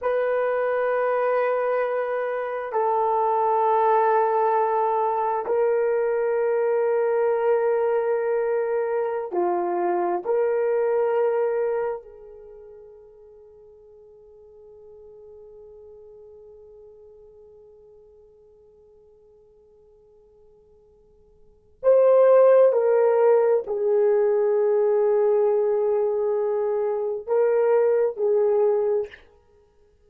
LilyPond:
\new Staff \with { instrumentName = "horn" } { \time 4/4 \tempo 4 = 66 b'2. a'4~ | a'2 ais'2~ | ais'2~ ais'16 f'4 ais'8.~ | ais'4~ ais'16 gis'2~ gis'8.~ |
gis'1~ | gis'1 | c''4 ais'4 gis'2~ | gis'2 ais'4 gis'4 | }